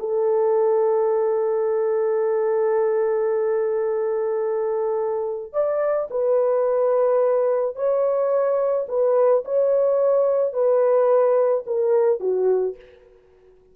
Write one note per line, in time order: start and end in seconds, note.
0.00 5.53 A4
5.53 6.09 D5
6.11 7.76 B4
7.76 8.87 C#5
8.89 9.44 B4
9.45 10.54 C#5
10.54 11.65 B4
11.67 12.20 A#4
12.20 12.76 F#4